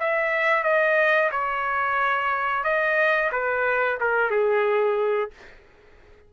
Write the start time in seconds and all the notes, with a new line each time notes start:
0.00 E5
0.64 D#5
1.32 C#5
2.64 D#5
3.32 B4
4.01 A#4
4.31 G#4